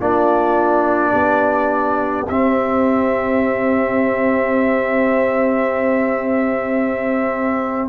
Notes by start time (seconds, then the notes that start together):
0.00 A#3 D4 F4 D5
1.12 B3 G4
2.28 C4 E5